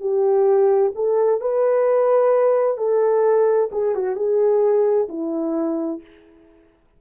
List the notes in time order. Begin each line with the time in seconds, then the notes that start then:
0.00 G4
0.95 A4
1.41 B4
2.78 A4
3.72 G#4
3.95 F#4
4.16 G#4
5.09 E4